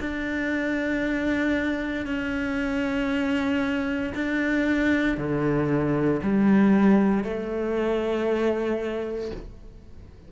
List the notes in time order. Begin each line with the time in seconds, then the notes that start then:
0.00 D4
2.06 C#4
4.14 D4
5.17 D3
6.22 G3
7.24 A3